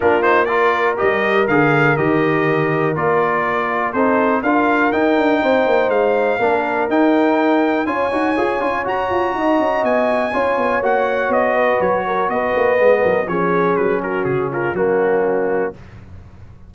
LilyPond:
<<
  \new Staff \with { instrumentName = "trumpet" } { \time 4/4 \tempo 4 = 122 ais'8 c''8 d''4 dis''4 f''4 | dis''2 d''2 | c''4 f''4 g''2 | f''2 g''2 |
gis''2 ais''2 | gis''2 fis''4 dis''4 | cis''4 dis''2 cis''4 | b'8 ais'8 gis'8 ais'8 fis'2 | }
  \new Staff \with { instrumentName = "horn" } { \time 4/4 f'4 ais'2.~ | ais'1 | a'4 ais'2 c''4~ | c''4 ais'2. |
cis''2. dis''4~ | dis''4 cis''2~ cis''8 b'8~ | b'8 ais'8 b'4. ais'8 gis'4~ | gis'8 fis'4 f'8 cis'2 | }
  \new Staff \with { instrumentName = "trombone" } { \time 4/4 d'8 dis'8 f'4 g'4 gis'4 | g'2 f'2 | dis'4 f'4 dis'2~ | dis'4 d'4 dis'2 |
f'8 fis'8 gis'8 f'8 fis'2~ | fis'4 f'4 fis'2~ | fis'2 b4 cis'4~ | cis'2 ais2 | }
  \new Staff \with { instrumentName = "tuba" } { \time 4/4 ais2 g4 d4 | dis2 ais2 | c'4 d'4 dis'8 d'8 c'8 ais8 | gis4 ais4 dis'2 |
cis'8 dis'8 f'8 cis'8 fis'8 f'8 dis'8 cis'8 | b4 cis'8 b8 ais4 b4 | fis4 b8 ais8 gis8 fis8 f4 | fis4 cis4 fis2 | }
>>